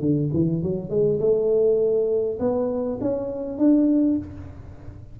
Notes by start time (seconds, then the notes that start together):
0.00 D3
0.33 E3
0.62 F#3
0.90 G#3
1.20 A3
2.39 B3
3.01 C#4
3.58 D4